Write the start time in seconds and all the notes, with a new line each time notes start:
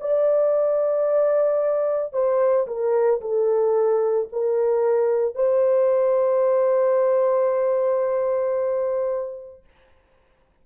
0.00 D5
2.13 C5
2.67 A#4
3.21 A4
4.32 A#4
5.35 C5